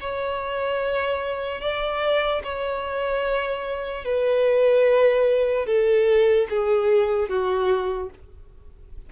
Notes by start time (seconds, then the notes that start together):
0.00 C#5
1.61 D5
2.43 C#5
4.04 B4
5.66 A4
6.49 G#4
7.29 F#4